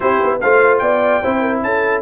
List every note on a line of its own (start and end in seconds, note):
0.00 0.21 C4
0.00 0.41 E4
0.00 0.41 G4
0.00 0.40 C5
0.22 0.43 B3
0.40 0.81 A3
0.40 1.23 F4
0.40 0.81 C5
0.40 0.78 F5
0.78 1.22 B3
0.78 1.22 D5
0.78 1.59 G5
1.22 1.62 C4
1.22 2.01 E4
1.22 1.40 C5
1.40 1.61 A#4
1.62 2.01 C#4
1.62 2.01 A4
1.62 2.01 A5